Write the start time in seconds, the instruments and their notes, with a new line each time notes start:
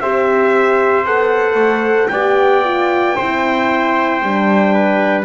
0.00 double bass C4, horn G4, trumpet C5 E5
1.05 double bass B3, horn A4, trumpet F#5
1.54 double bass A3
2.08 double bass B3, horn G4, trumpet D5 G5
2.64 horn F4
3.16 double bass C4, horn E4, trumpet C5
4.22 double bass G3, horn D4
4.73 trumpet B4